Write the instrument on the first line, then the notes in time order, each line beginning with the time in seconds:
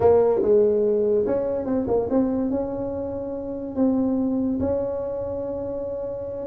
tuba
0.00 A#3
0.41 G#3
1.26 C#4
1.65 C4
1.87 A#3
2.10 C4
2.50 C#4
3.75 C4
4.60 C#4